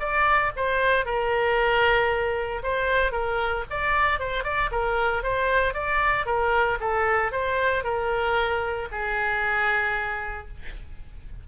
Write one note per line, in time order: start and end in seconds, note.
0.00 0.52 D5
0.57 1.06 C5
1.06 2.63 A#4
2.63 3.12 C5
3.12 3.65 A#4
3.71 4.20 D5
4.20 4.44 C5
4.44 4.70 D5
4.72 5.23 A#4
5.23 5.74 C5
5.74 6.26 D5
6.26 6.78 A#4
6.80 7.32 A4
7.32 7.84 C5
7.84 8.89 A#4
8.92 10.48 G#4